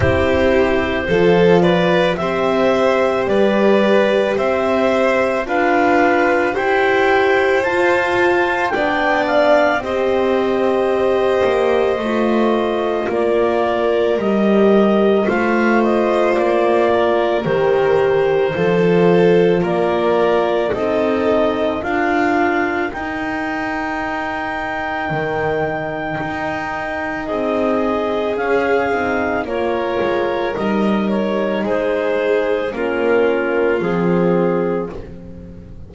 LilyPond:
<<
  \new Staff \with { instrumentName = "clarinet" } { \time 4/4 \tempo 4 = 55 c''4. d''8 e''4 d''4 | e''4 f''4 g''4 a''4 | g''8 f''8 dis''2. | d''4 dis''4 f''8 dis''8 d''4 |
c''2 d''4 dis''4 | f''4 g''2.~ | g''4 dis''4 f''4 cis''4 | dis''8 cis''8 c''4 ais'4 gis'4 | }
  \new Staff \with { instrumentName = "violin" } { \time 4/4 g'4 a'8 b'8 c''4 b'4 | c''4 b'4 c''2 | d''4 c''2. | ais'2 c''4. ais'8~ |
ais'4 a'4 ais'4 a'4 | ais'1~ | ais'4 gis'2 ais'4~ | ais'4 gis'4 f'2 | }
  \new Staff \with { instrumentName = "horn" } { \time 4/4 e'4 f'4 g'2~ | g'4 f'4 g'4 f'4 | d'4 g'2 f'4~ | f'4 g'4 f'2 |
g'4 f'2 dis'4 | f'4 dis'2.~ | dis'2 cis'8 dis'8 f'4 | dis'2 cis'4 c'4 | }
  \new Staff \with { instrumentName = "double bass" } { \time 4/4 c'4 f4 c'4 g4 | c'4 d'4 e'4 f'4 | b4 c'4. ais8 a4 | ais4 g4 a4 ais4 |
dis4 f4 ais4 c'4 | d'4 dis'2 dis4 | dis'4 c'4 cis'8 c'8 ais8 gis8 | g4 gis4 ais4 f4 | }
>>